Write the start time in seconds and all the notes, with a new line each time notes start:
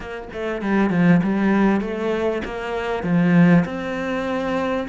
0.00 A#3
0.33 A3
0.61 G3
0.90 F3
1.23 G3
1.80 A3
2.44 A#3
3.03 F3
3.65 C4